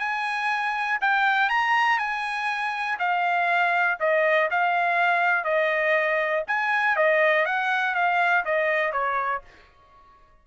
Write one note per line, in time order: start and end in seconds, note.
0.00 0.99 G#5
1.01 1.50 G5
1.50 1.99 A#5
1.99 2.98 G#5
2.99 3.98 F5
4.00 4.50 D#5
4.51 5.45 F5
5.45 6.44 D#5
6.48 6.97 G#5
6.97 7.46 D#5
7.46 7.95 F#5
7.95 8.45 F5
8.45 8.93 D#5
8.93 9.42 C#5